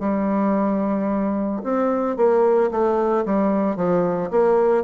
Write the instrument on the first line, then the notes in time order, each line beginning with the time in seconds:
bassoon
0.00 G3
1.63 C4
2.16 A#3
2.71 A3
3.25 G3
3.76 F3
4.31 A#3